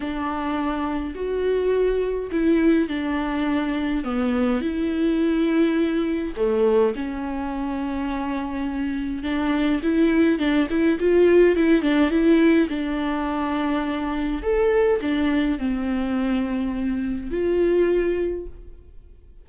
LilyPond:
\new Staff \with { instrumentName = "viola" } { \time 4/4 \tempo 4 = 104 d'2 fis'2 | e'4 d'2 b4 | e'2. a4 | cis'1 |
d'4 e'4 d'8 e'8 f'4 | e'8 d'8 e'4 d'2~ | d'4 a'4 d'4 c'4~ | c'2 f'2 | }